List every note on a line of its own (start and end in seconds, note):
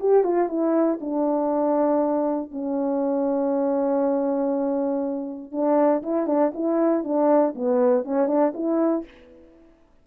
0.00 0.24 G4
0.24 0.49 F4
0.49 0.99 E4
1.01 2.51 D4
2.51 5.52 C#4
5.52 6.03 D4
6.03 6.27 E4
6.27 6.52 D4
6.54 7.04 E4
7.04 7.54 D4
7.55 8.04 B3
8.04 8.28 C#4
8.28 8.53 D4
8.54 9.05 E4